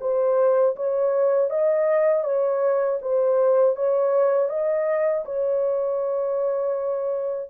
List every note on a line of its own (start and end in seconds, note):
0.00 0.75 C5
0.76 1.50 C#5
1.50 2.24 D#5
2.24 2.99 C#5
3.01 3.75 C5
3.75 4.49 C#5
4.49 5.24 D#5
5.25 7.50 C#5